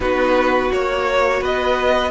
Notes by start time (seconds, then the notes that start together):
0.00 B3 D#4 F#4 B4
0.70 A#3 F#4 C#5
1.40 B3 B4 D#5